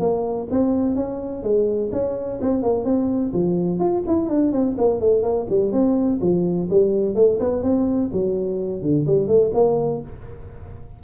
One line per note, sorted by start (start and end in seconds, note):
0.00 0.48 A#3
0.51 0.96 C4
0.96 1.44 C#4
1.44 1.91 G#3
1.93 2.40 C#4
2.42 2.63 C4
2.63 2.85 A#3
2.85 3.32 C4
3.34 3.80 F3
3.80 4.03 F4
4.08 4.29 E4
4.29 4.53 D4
4.53 4.76 C4
4.78 5.01 A#3
5.01 5.23 A3
5.23 5.47 A#3
5.50 5.73 G3
5.73 6.20 C4
6.21 6.69 F3
6.71 7.15 G3
7.15 7.39 A3
7.40 7.63 B3
7.63 8.10 C4
8.13 8.82 F#3
8.82 9.06 D3
9.07 9.28 G3
9.28 9.52 A3
9.54 10.02 A#3